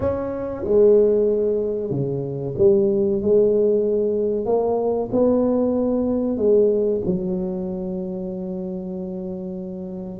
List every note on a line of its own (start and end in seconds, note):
0.00 0.64 C#4
0.64 1.90 G#3
1.90 2.54 C#3
2.57 3.21 G3
3.21 4.45 G#3
4.45 5.09 A#3
5.11 6.37 B3
6.37 7.01 G#3
7.05 10.19 F#3